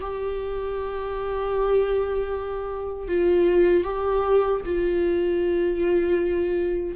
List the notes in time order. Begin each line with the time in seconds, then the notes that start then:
0.00 G4
3.08 F4
3.84 G4
4.65 F4